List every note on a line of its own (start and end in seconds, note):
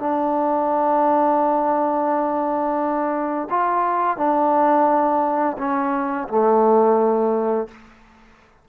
0.00 3.49 D4
3.50 4.18 F4
4.18 5.57 D4
5.58 6.28 C#4
6.29 7.68 A3